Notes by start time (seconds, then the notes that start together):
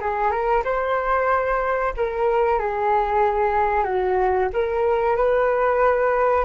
0.00 G#4
0.31 A#4
0.64 C5
1.96 A#4
2.59 G#4
3.84 F#4
4.53 A#4
5.16 B4